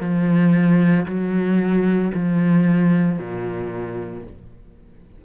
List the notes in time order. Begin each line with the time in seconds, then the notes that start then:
0.00 F3
1.06 F#3
2.13 F3
3.18 A#2